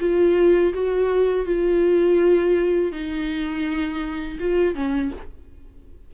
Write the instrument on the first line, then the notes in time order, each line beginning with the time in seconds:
viola
0.00 F4
0.74 F#4
1.46 F4
2.92 D#4
4.40 F4
4.75 C#4